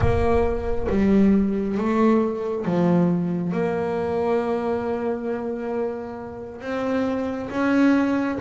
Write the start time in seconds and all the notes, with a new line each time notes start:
0.00 A#3
0.89 G3
1.77 A3
2.65 F3
3.52 A#3
6.61 C4
7.50 C#4